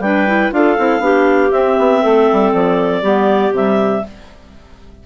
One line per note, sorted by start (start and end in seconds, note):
0.00 0.50 G3
0.00 0.27 D4
0.00 0.54 B4
0.00 0.52 G5
0.27 0.52 E4
0.52 0.78 D4
0.52 0.77 F4
0.52 1.04 A4
0.52 1.51 F5
0.78 1.00 C4
0.78 0.99 E4
0.99 1.50 B3
0.99 1.50 D4
0.99 2.02 G4
1.51 1.78 C4
1.51 3.04 C4
1.51 2.52 E5
1.79 2.04 B3
2.02 2.30 A3
2.02 3.03 A4
2.33 2.53 G3
2.53 3.03 F3
2.53 3.54 D5
3.03 3.52 G3
3.03 3.54 B3
3.03 4.04 G4
3.52 4.02 C3
3.52 4.05 G3
3.52 4.07 E5